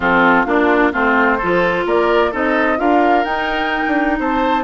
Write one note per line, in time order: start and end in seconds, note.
0.00 0.44 F3
0.00 0.45 C4
0.00 0.46 F4
0.00 0.44 A4
0.44 0.92 A#3
0.44 0.92 D4
0.44 0.91 F4
0.92 1.40 A3
0.92 1.39 C4
0.92 1.38 F4
0.92 1.87 C5
1.38 1.85 F3
1.38 2.32 F4
1.38 1.84 A4
1.85 2.32 A#3
1.85 2.31 A#4
1.85 2.34 D5
2.31 2.79 C4
2.31 2.77 D#4
2.31 2.78 A4
2.31 2.79 D#5
2.77 3.24 D4
2.77 3.24 F4
2.77 4.19 A#4
2.77 3.24 F5
3.24 3.83 D#4
3.24 4.64 D#4
3.24 4.17 G5
3.87 4.19 D4
4.19 4.64 C4
4.19 4.64 C5
4.19 4.64 A5